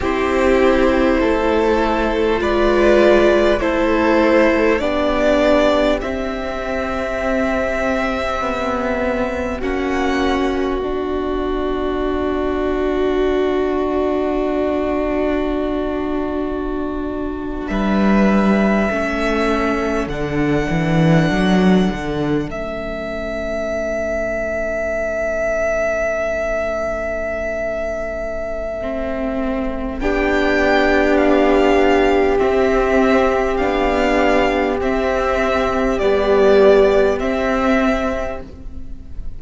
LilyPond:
<<
  \new Staff \with { instrumentName = "violin" } { \time 4/4 \tempo 4 = 50 c''2 d''4 c''4 | d''4 e''2. | fis''4 d''2.~ | d''2~ d''8. e''4~ e''16~ |
e''8. fis''2 e''4~ e''16~ | e''1~ | e''4 g''4 f''4 e''4 | f''4 e''4 d''4 e''4 | }
  \new Staff \with { instrumentName = "violin" } { \time 4/4 g'4 a'4 b'4 a'4 | g'1 | fis'1~ | fis'2~ fis'8. b'4 a'16~ |
a'1~ | a'1~ | a'4 g'2.~ | g'1 | }
  \new Staff \with { instrumentName = "viola" } { \time 4/4 e'2 f'4 e'4 | d'4 c'2. | cis'4 d'2.~ | d'2.~ d'8. cis'16~ |
cis'8. d'2 cis'4~ cis'16~ | cis'1 | c'4 d'2 c'4 | d'4 c'4 g4 c'4 | }
  \new Staff \with { instrumentName = "cello" } { \time 4/4 c'4 a4 gis4 a4 | b4 c'2 b4 | ais4 b2.~ | b2~ b8. g4 a16~ |
a8. d8 e8 fis8 d8 a4~ a16~ | a1~ | a4 b2 c'4 | b4 c'4 b4 c'4 | }
>>